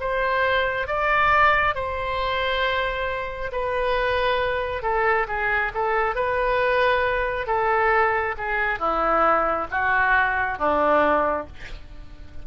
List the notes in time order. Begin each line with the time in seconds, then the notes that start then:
0.00 C5
0.87 D5
1.74 C5
3.52 B4
4.82 A4
5.28 G#4
5.74 A4
6.15 B4
7.47 A4
8.37 G#4
8.79 E4
9.71 F#4
10.58 D4